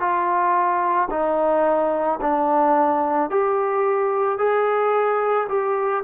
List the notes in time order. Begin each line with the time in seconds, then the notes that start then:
0.00 F4
1.10 D#4
2.21 D4
3.31 G4
4.38 G#4
5.49 G4